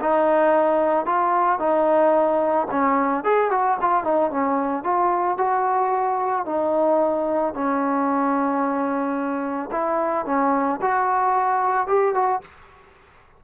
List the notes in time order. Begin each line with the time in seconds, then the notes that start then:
0.00 D#4
1.06 F4
1.59 D#4
2.71 C#4
3.24 G#4
3.51 F#4
3.81 F4
4.04 D#4
4.31 C#4
4.84 F4
5.38 F#4
6.46 D#4
7.54 C#4
9.72 E4
10.26 C#4
10.82 F#4
11.87 G4
12.14 F#4